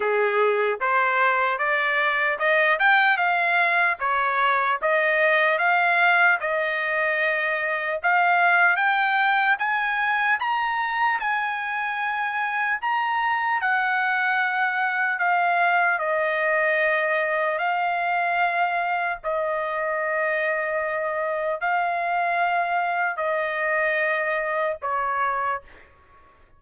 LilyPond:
\new Staff \with { instrumentName = "trumpet" } { \time 4/4 \tempo 4 = 75 gis'4 c''4 d''4 dis''8 g''8 | f''4 cis''4 dis''4 f''4 | dis''2 f''4 g''4 | gis''4 ais''4 gis''2 |
ais''4 fis''2 f''4 | dis''2 f''2 | dis''2. f''4~ | f''4 dis''2 cis''4 | }